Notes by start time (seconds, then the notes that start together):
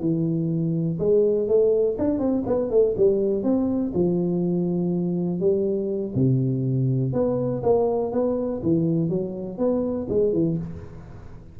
0.00 E3
0.99 G#3
1.48 A3
1.99 D4
2.19 C4
2.47 B3
2.71 A3
2.97 G3
3.43 C4
3.94 F3
5.40 G3
6.15 C3
7.13 B3
7.63 A#3
8.12 B3
8.63 E3
9.09 F#3
9.58 B3
10.10 G#3
10.33 E3